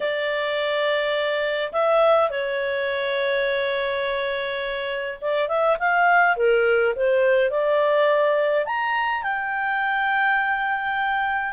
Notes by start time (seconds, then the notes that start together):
0.00 D5
1.72 E5
2.30 C#5
5.21 D5
5.48 E5
5.79 F5
6.36 A#4
6.95 C5
7.50 D5
8.65 A#5
9.22 G5